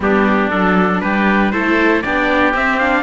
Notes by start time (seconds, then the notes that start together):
0.00 G3 B3 D4 G4
0.50 F#3 D4 A4
1.00 G3 G4 B4
1.51 A3 E4 A4 C5
2.01 B3 D4 G4 D5
2.53 C4 E5
2.78 D4 F5